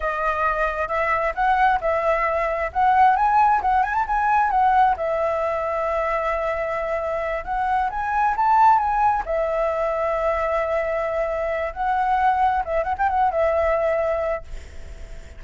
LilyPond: \new Staff \with { instrumentName = "flute" } { \time 4/4 \tempo 4 = 133 dis''2 e''4 fis''4 | e''2 fis''4 gis''4 | fis''8 gis''16 a''16 gis''4 fis''4 e''4~ | e''1~ |
e''8 fis''4 gis''4 a''4 gis''8~ | gis''8 e''2.~ e''8~ | e''2 fis''2 | e''8 fis''16 g''16 fis''8 e''2~ e''8 | }